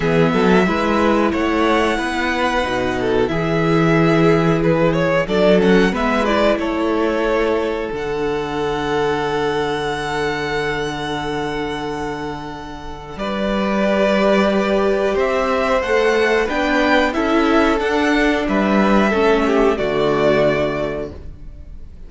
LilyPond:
<<
  \new Staff \with { instrumentName = "violin" } { \time 4/4 \tempo 4 = 91 e''2 fis''2~ | fis''4 e''2 b'8 cis''8 | d''8 fis''8 e''8 d''8 cis''2 | fis''1~ |
fis''1 | d''2. e''4 | fis''4 g''4 e''4 fis''4 | e''2 d''2 | }
  \new Staff \with { instrumentName = "violin" } { \time 4/4 gis'8 a'8 b'4 cis''4 b'4~ | b'8 a'8 gis'2. | a'4 b'4 a'2~ | a'1~ |
a'1 | b'2. c''4~ | c''4 b'4 a'2 | b'4 a'8 g'8 fis'2 | }
  \new Staff \with { instrumentName = "viola" } { \time 4/4 b4 e'2. | dis'4 e'2. | d'8 cis'8 b8 e'2~ e'8 | d'1~ |
d'1~ | d'4 g'2. | a'4 d'4 e'4 d'4~ | d'4 cis'4 a2 | }
  \new Staff \with { instrumentName = "cello" } { \time 4/4 e8 fis8 gis4 a4 b4 | b,4 e2. | fis4 gis4 a2 | d1~ |
d1 | g2. c'4 | a4 b4 cis'4 d'4 | g4 a4 d2 | }
>>